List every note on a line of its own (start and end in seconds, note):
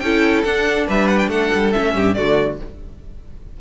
0.00 0.44 C#4
0.00 0.46 E4
0.00 0.88 A4
0.00 0.43 G5
0.44 0.88 D4
0.44 1.74 D4
0.44 0.87 F#5
0.88 1.29 G3
0.88 1.30 B4
0.88 1.08 E5
1.08 1.18 F#5
1.18 1.29 G5
1.29 1.50 A3
1.29 1.94 A4
1.29 1.72 F#5
1.54 1.76 G3
1.72 1.96 A3
1.72 2.16 C#4
1.72 2.14 E5
1.96 2.17 G2
1.96 2.17 G4
2.14 2.61 D3
2.14 2.58 A3
2.14 2.60 F#4
2.14 2.57 D5